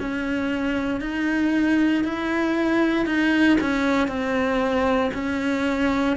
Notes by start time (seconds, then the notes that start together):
0.00 C#4
1.01 D#4
2.04 E4
3.06 D#4
3.61 C#4
4.08 C4
5.14 C#4